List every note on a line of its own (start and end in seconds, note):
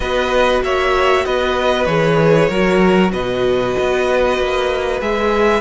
0.00 0.61 B3
0.00 1.87 F#4
0.00 0.63 B4
0.00 0.61 D#5
0.62 1.25 A#3
0.62 1.24 C#5
0.62 1.25 E5
1.24 1.86 B3
1.24 2.49 B4
1.24 1.85 D#5
1.85 2.48 E3
1.85 2.49 G#4
1.85 3.10 C#5
2.49 3.12 F#3
2.49 5.01 F#4
2.49 3.11 A#4
3.12 3.75 B2
3.12 5.61 B4
3.12 5.00 D#5
3.79 4.38 B3
4.38 5.01 A#3
5.01 5.61 G#3
5.01 5.61 G#4
5.01 5.61 E5